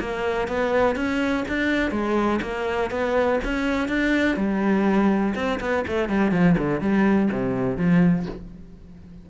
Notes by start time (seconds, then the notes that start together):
0.00 A#3
0.48 B3
0.96 C#4
1.48 D4
1.91 G#3
2.42 A#3
2.90 B3
3.44 C#4
3.88 D4
4.37 G3
5.35 C4
5.60 B3
5.88 A3
6.09 G3
6.31 F3
6.58 D3
6.81 G3
7.32 C3
7.77 F3